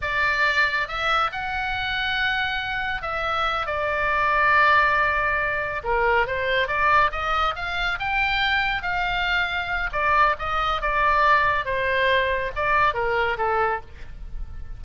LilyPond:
\new Staff \with { instrumentName = "oboe" } { \time 4/4 \tempo 4 = 139 d''2 e''4 fis''4~ | fis''2. e''4~ | e''8 d''2.~ d''8~ | d''4. ais'4 c''4 d''8~ |
d''8 dis''4 f''4 g''4.~ | g''8 f''2~ f''8 d''4 | dis''4 d''2 c''4~ | c''4 d''4 ais'4 a'4 | }